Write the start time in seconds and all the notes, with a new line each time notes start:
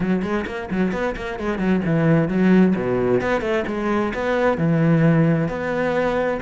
0.00 F#3
0.22 G#3
0.46 A#3
0.70 F#3
0.92 B3
1.16 A#3
1.39 G#3
1.58 F#3
1.85 E3
2.28 F#3
2.75 B2
3.21 B3
3.41 A3
3.67 G#3
4.13 B3
4.57 E3
5.48 B3